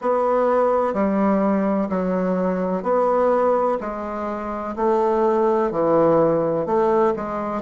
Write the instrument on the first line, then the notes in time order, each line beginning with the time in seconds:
bassoon
0.01 B3
0.93 G3
1.89 F#3
2.82 B3
3.80 G#3
4.76 A3
5.71 E3
6.65 A3
7.16 G#3